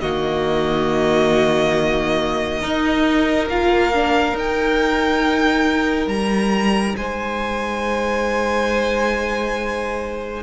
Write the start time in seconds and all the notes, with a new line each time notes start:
0.00 D#3 A#3 F#4 D#5
2.61 D#4 A#4
3.47 A#3 F4 F5
3.93 D4
4.33 D#4 G5
6.07 G3 A#5
6.97 G#3 C5 G#5